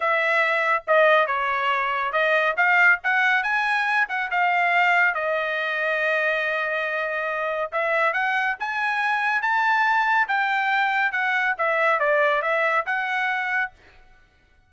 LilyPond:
\new Staff \with { instrumentName = "trumpet" } { \time 4/4 \tempo 4 = 140 e''2 dis''4 cis''4~ | cis''4 dis''4 f''4 fis''4 | gis''4. fis''8 f''2 | dis''1~ |
dis''2 e''4 fis''4 | gis''2 a''2 | g''2 fis''4 e''4 | d''4 e''4 fis''2 | }